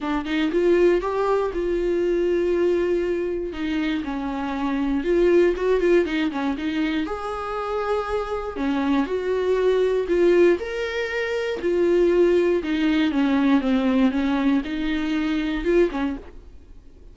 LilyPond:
\new Staff \with { instrumentName = "viola" } { \time 4/4 \tempo 4 = 119 d'8 dis'8 f'4 g'4 f'4~ | f'2. dis'4 | cis'2 f'4 fis'8 f'8 | dis'8 cis'8 dis'4 gis'2~ |
gis'4 cis'4 fis'2 | f'4 ais'2 f'4~ | f'4 dis'4 cis'4 c'4 | cis'4 dis'2 f'8 cis'8 | }